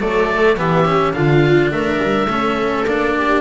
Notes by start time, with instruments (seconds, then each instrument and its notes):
0.00 double bass F#3, cello A3, viola A4, oboe D5
0.56 double bass E3, cello B3, viola G4, oboe E5
0.85 cello C#4
1.13 double bass D3, cello D4, viola F4, oboe F5
1.71 double bass A3, viola A#4, oboe E5
2.02 double bass G3
2.26 double bass A3, cello C#4, viola A4
2.86 double bass A#3, cello D4, oboe D5
3.17 viola G4